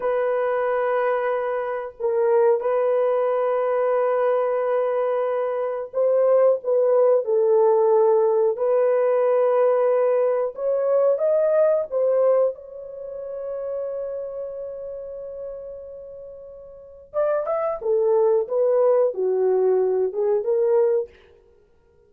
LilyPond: \new Staff \with { instrumentName = "horn" } { \time 4/4 \tempo 4 = 91 b'2. ais'4 | b'1~ | b'4 c''4 b'4 a'4~ | a'4 b'2. |
cis''4 dis''4 c''4 cis''4~ | cis''1~ | cis''2 d''8 e''8 a'4 | b'4 fis'4. gis'8 ais'4 | }